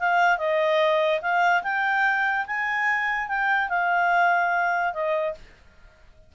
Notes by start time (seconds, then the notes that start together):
0.00 F5
0.38 D#5
1.22 F5
1.64 G5
2.47 G#5
3.29 G5
3.70 F5
4.94 D#5